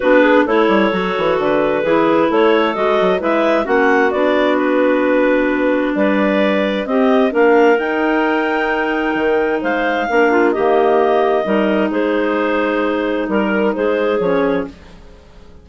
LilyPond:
<<
  \new Staff \with { instrumentName = "clarinet" } { \time 4/4 \tempo 4 = 131 b'4 cis''2 b'4~ | b'4 cis''4 dis''4 e''4 | fis''4 d''4 b'2~ | b'4 d''2 dis''4 |
f''4 g''2.~ | g''4 f''2 dis''4~ | dis''2 c''2~ | c''4 ais'4 c''4 cis''4 | }
  \new Staff \with { instrumentName = "clarinet" } { \time 4/4 fis'8 gis'8 a'2. | gis'4 a'2 b'4 | fis'1~ | fis'4 b'2 g'4 |
ais'1~ | ais'4 c''4 ais'8 f'8 g'4~ | g'4 ais'4 gis'2~ | gis'4 ais'4 gis'2 | }
  \new Staff \with { instrumentName = "clarinet" } { \time 4/4 d'4 e'4 fis'2 | e'2 fis'4 e'4 | cis'4 d'2.~ | d'2. c'4 |
d'4 dis'2.~ | dis'2 d'4 ais4~ | ais4 dis'2.~ | dis'2. cis'4 | }
  \new Staff \with { instrumentName = "bassoon" } { \time 4/4 b4 a8 g8 fis8 e8 d4 | e4 a4 gis8 fis8 gis4 | ais4 b2.~ | b4 g2 c'4 |
ais4 dis'2. | dis4 gis4 ais4 dis4~ | dis4 g4 gis2~ | gis4 g4 gis4 f4 | }
>>